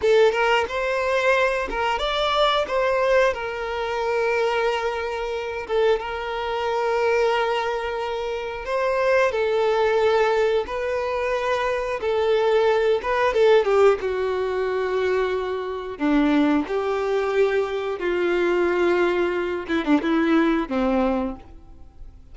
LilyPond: \new Staff \with { instrumentName = "violin" } { \time 4/4 \tempo 4 = 90 a'8 ais'8 c''4. ais'8 d''4 | c''4 ais'2.~ | ais'8 a'8 ais'2.~ | ais'4 c''4 a'2 |
b'2 a'4. b'8 | a'8 g'8 fis'2. | d'4 g'2 f'4~ | f'4. e'16 d'16 e'4 c'4 | }